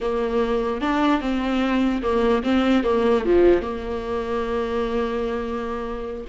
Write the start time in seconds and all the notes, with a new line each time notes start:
0.00 A#3
0.81 D4
1.21 C4
2.02 A#3
2.43 C4
2.83 A#3
3.25 F3
3.61 A#3